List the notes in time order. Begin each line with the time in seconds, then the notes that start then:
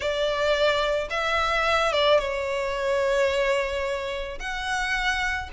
0.00 D5
1.10 E5
1.92 D5
2.18 C#5
4.39 F#5